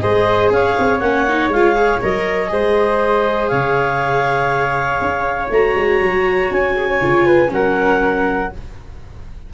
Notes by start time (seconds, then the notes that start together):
0.00 G#3 G#4 C5 D#5
0.50 C#4 C#5 F5
0.79 C4
1.00 A#3 C#4 F#5
1.29 D#4
1.49 G#3 F4 F5
1.76 G#4
2.02 F#3 A#4 D#5
2.48 G#3 G#4 C5
3.48 C#3 C#5 F5
5.01 C#4
5.51 A3 F#4 A#5
5.76 G#3
6.01 F#3
6.51 C#4 G#5
6.76 G#4
6.89 C#5
7.01 C#3 F4
7.26 B4
7.48 F#3 C#4 A#4 F#5